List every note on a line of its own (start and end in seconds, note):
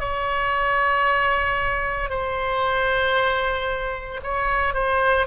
0.00 2.10 C#5
2.10 4.21 C5
4.24 4.75 C#5
4.75 5.27 C5